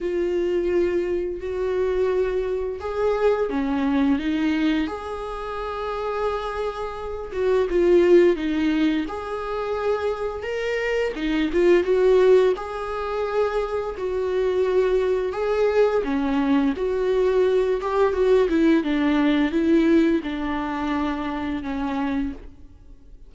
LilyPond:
\new Staff \with { instrumentName = "viola" } { \time 4/4 \tempo 4 = 86 f'2 fis'2 | gis'4 cis'4 dis'4 gis'4~ | gis'2~ gis'8 fis'8 f'4 | dis'4 gis'2 ais'4 |
dis'8 f'8 fis'4 gis'2 | fis'2 gis'4 cis'4 | fis'4. g'8 fis'8 e'8 d'4 | e'4 d'2 cis'4 | }